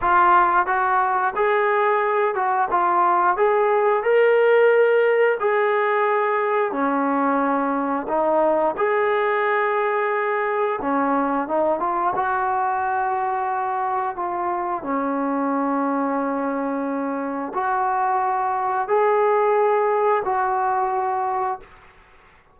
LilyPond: \new Staff \with { instrumentName = "trombone" } { \time 4/4 \tempo 4 = 89 f'4 fis'4 gis'4. fis'8 | f'4 gis'4 ais'2 | gis'2 cis'2 | dis'4 gis'2. |
cis'4 dis'8 f'8 fis'2~ | fis'4 f'4 cis'2~ | cis'2 fis'2 | gis'2 fis'2 | }